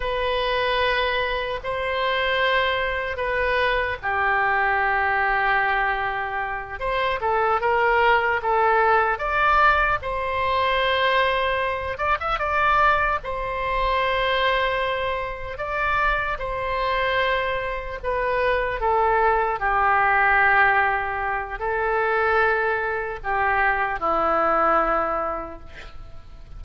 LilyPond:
\new Staff \with { instrumentName = "oboe" } { \time 4/4 \tempo 4 = 75 b'2 c''2 | b'4 g'2.~ | g'8 c''8 a'8 ais'4 a'4 d''8~ | d''8 c''2~ c''8 d''16 e''16 d''8~ |
d''8 c''2. d''8~ | d''8 c''2 b'4 a'8~ | a'8 g'2~ g'8 a'4~ | a'4 g'4 e'2 | }